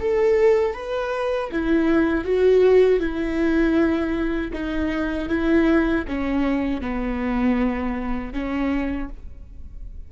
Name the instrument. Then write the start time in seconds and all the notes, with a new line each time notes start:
viola
0.00 A4
0.74 B4
1.52 E4
2.25 F#4
3.00 E4
4.53 D#4
5.29 E4
6.08 C#4
6.81 B3
8.33 C#4